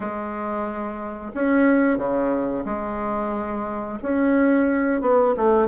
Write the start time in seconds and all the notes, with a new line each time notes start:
0.00 G#3
1.34 C#4
1.97 C#3
2.65 G#3
4.02 C#4
5.01 B3
5.36 A3